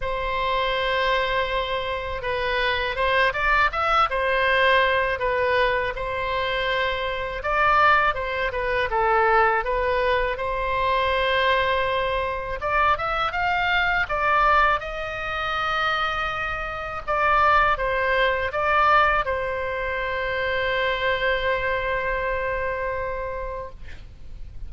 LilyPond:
\new Staff \with { instrumentName = "oboe" } { \time 4/4 \tempo 4 = 81 c''2. b'4 | c''8 d''8 e''8 c''4. b'4 | c''2 d''4 c''8 b'8 | a'4 b'4 c''2~ |
c''4 d''8 e''8 f''4 d''4 | dis''2. d''4 | c''4 d''4 c''2~ | c''1 | }